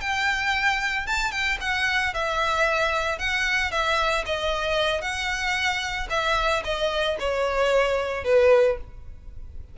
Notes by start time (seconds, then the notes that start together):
0.00 G5
1.06 A5
1.31 G5
1.60 F#5
2.13 E5
3.18 F#5
3.71 E5
4.26 D#5
5.01 F#5
6.09 E5
6.64 D#5
7.19 C#5
8.24 B4